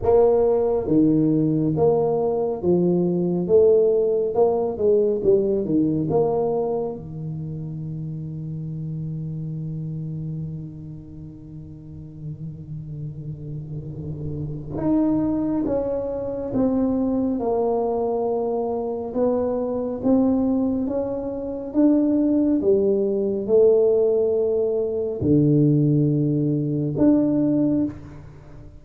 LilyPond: \new Staff \with { instrumentName = "tuba" } { \time 4/4 \tempo 4 = 69 ais4 dis4 ais4 f4 | a4 ais8 gis8 g8 dis8 ais4 | dis1~ | dis1~ |
dis4 dis'4 cis'4 c'4 | ais2 b4 c'4 | cis'4 d'4 g4 a4~ | a4 d2 d'4 | }